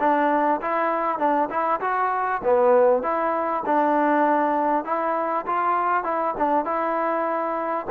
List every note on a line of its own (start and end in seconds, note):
0.00 0.61 D4
0.61 1.19 E4
1.19 1.49 D4
1.50 1.80 E4
1.81 2.41 F#4
2.44 3.02 B3
3.02 3.63 E4
3.66 4.85 D4
4.85 5.45 E4
5.46 6.04 F4
6.04 6.34 E4
6.37 6.65 D4
6.65 7.86 E4